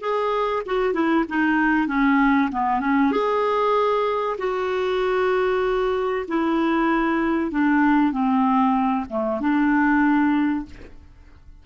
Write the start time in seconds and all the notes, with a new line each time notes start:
0.00 G#4
0.66 F#4
0.93 E4
1.28 D#4
1.87 C#4
2.52 B3
2.80 C#4
3.12 G#4
4.38 F#4
6.28 E4
7.51 D4
8.12 C4
9.09 A3
9.40 D4